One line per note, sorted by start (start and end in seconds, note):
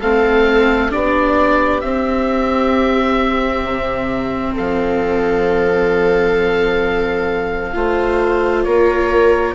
0.00 0.94 A3
0.00 0.91 C4
0.00 0.91 A4
0.00 0.92 F5
0.91 1.83 B3
0.91 1.81 D4
0.91 4.55 G4
0.91 1.81 D5
1.81 3.64 C4
1.81 7.74 C4
1.81 4.54 E5
3.64 4.55 C3
4.55 7.75 F3
4.55 7.73 A4
4.55 8.64 F5
7.74 8.66 A3
7.74 9.55 F4
7.74 8.66 C5
8.64 9.55 A#3
8.64 9.55 A#4
8.64 9.55 C#5